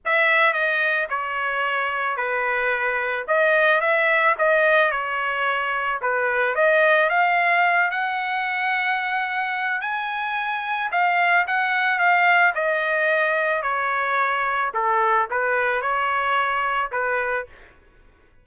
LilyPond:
\new Staff \with { instrumentName = "trumpet" } { \time 4/4 \tempo 4 = 110 e''4 dis''4 cis''2 | b'2 dis''4 e''4 | dis''4 cis''2 b'4 | dis''4 f''4. fis''4.~ |
fis''2 gis''2 | f''4 fis''4 f''4 dis''4~ | dis''4 cis''2 a'4 | b'4 cis''2 b'4 | }